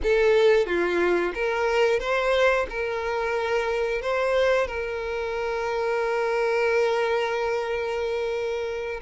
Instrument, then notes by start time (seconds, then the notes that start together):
violin
0.02 A4
0.66 F4
1.34 A#4
1.99 C5
2.69 A#4
4.01 C5
4.67 A#4